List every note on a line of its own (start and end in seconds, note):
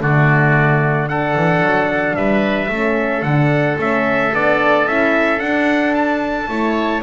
0.00 1.35 D3
0.00 1.08 A3
0.00 1.09 F#4
0.00 1.08 D5
1.08 2.70 D4
1.08 2.16 A4
1.08 2.15 F#5
1.35 1.61 E3
1.61 2.15 F#3
2.15 2.69 G3
2.15 2.70 B4
2.15 3.22 E5
2.69 3.22 A3
2.69 3.25 C#4
2.69 6.50 A4
3.22 3.76 D3
3.22 3.78 D4
3.22 3.76 F#5
3.78 4.32 A3
3.78 4.32 C#4
3.78 4.34 E5
4.33 4.86 B3
4.33 4.87 D4
4.33 4.87 D5
4.86 5.40 C#4
4.86 5.38 E4
4.86 5.39 E5
5.38 6.46 D4
5.38 6.48 D4
5.38 5.93 F#5
5.94 7.02 A5
6.48 7.02 A3
6.48 7.02 E4
6.48 7.03 C#5